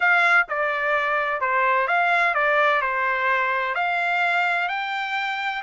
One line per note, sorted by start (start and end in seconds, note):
0.00 0.46 F5
0.49 1.40 D5
1.40 1.87 C5
1.87 2.34 F5
2.34 2.81 D5
2.81 3.75 C5
3.75 4.68 F5
4.68 5.62 G5